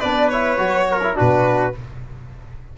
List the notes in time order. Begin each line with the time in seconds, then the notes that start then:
0.00 B3 D4 B4 D5
0.29 E4 C#5
0.57 F#3 F#4
0.91 A#4
1.03 E4
1.14 B2 D4 F#4 B4